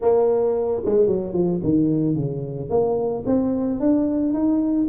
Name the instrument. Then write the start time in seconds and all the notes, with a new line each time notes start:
tuba
0.01 A#3
0.85 G#3
1.07 F#3
1.33 F3
1.63 D#3
2.15 C#3
2.69 A#3
3.26 C4
3.80 D4
4.33 D#4